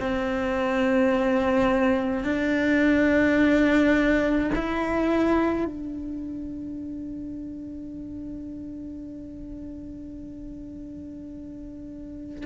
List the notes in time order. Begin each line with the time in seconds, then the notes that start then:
0.00 C4
2.24 D4
4.55 E4
5.65 D4